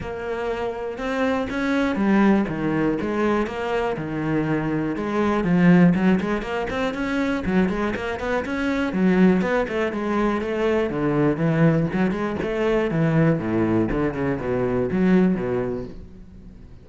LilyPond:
\new Staff \with { instrumentName = "cello" } { \time 4/4 \tempo 4 = 121 ais2 c'4 cis'4 | g4 dis4 gis4 ais4 | dis2 gis4 f4 | fis8 gis8 ais8 c'8 cis'4 fis8 gis8 |
ais8 b8 cis'4 fis4 b8 a8 | gis4 a4 d4 e4 | fis8 gis8 a4 e4 a,4 | d8 cis8 b,4 fis4 b,4 | }